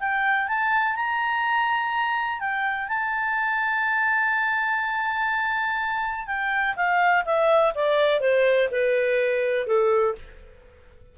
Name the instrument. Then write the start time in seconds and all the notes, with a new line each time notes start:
clarinet
0.00 G5
0.48 A5
0.96 A#5
2.41 G5
2.89 A5
6.27 G5
6.77 F5
7.26 E5
7.75 D5
8.21 C5
8.72 B4
9.67 A4